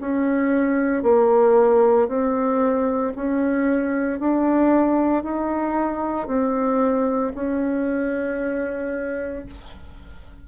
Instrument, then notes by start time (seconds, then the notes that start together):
bassoon
0.00 C#4
1.02 A#3
2.08 C4
3.15 C#4
4.19 D4
5.23 D#4
6.27 C4
7.34 C#4